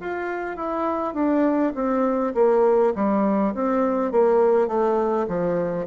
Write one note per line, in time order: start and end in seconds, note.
0.00 0.56 F4
0.56 1.14 E4
1.14 1.73 D4
1.75 2.34 C4
2.34 2.93 A#3
2.95 3.54 G3
3.55 4.12 C4
4.12 4.67 A#3
4.67 5.26 A3
5.28 5.87 F3